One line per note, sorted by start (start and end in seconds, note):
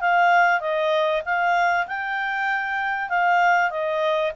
0.00 0.60 F5
0.60 1.22 D#5
1.25 1.86 F5
1.87 3.09 G5
3.09 3.70 F5
3.70 4.32 D#5